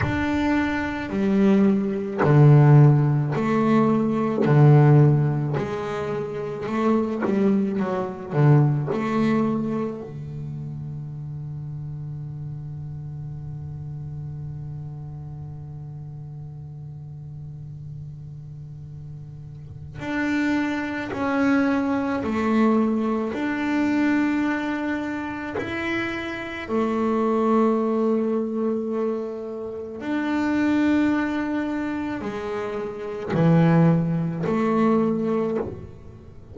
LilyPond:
\new Staff \with { instrumentName = "double bass" } { \time 4/4 \tempo 4 = 54 d'4 g4 d4 a4 | d4 gis4 a8 g8 fis8 d8 | a4 d2.~ | d1~ |
d2 d'4 cis'4 | a4 d'2 e'4 | a2. d'4~ | d'4 gis4 e4 a4 | }